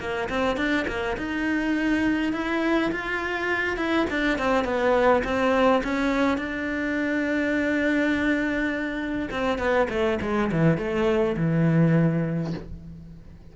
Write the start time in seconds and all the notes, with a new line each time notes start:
0.00 A#3
0.29 C4
0.57 D4
0.88 A#3
1.18 D#4
2.33 E4
2.92 F4
3.77 E4
4.10 D4
4.38 C4
4.65 B3
5.24 C4
5.84 C#4
6.38 D4
9.31 C4
9.59 B3
9.90 A3
10.22 G#3
10.52 E3
10.78 A3
11.37 E3